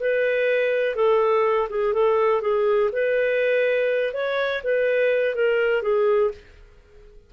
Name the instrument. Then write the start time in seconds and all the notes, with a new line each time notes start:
clarinet
0.00 B4
0.96 A4
1.70 G#4
1.94 A4
2.42 G#4
2.93 B4
4.14 C#5
4.64 B4
5.35 A#4
5.83 G#4